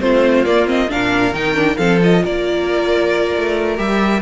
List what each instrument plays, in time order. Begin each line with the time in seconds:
0.00 cello A3, viola C4, violin F4 C5
0.44 viola A#3, cello A#3, violin D5
0.66 viola C4, violin D#5
0.89 cello A#2, viola D4, violin A#4 F5
1.32 cello D#3, viola D#4, violin G5
1.54 viola D4
1.77 cello F3, viola C4, violin A4 F5
2.03 viola F4, violin D#5
2.24 cello A#3, violin A#4 D5
3.36 cello A3
3.77 cello G3, viola G4, violin E5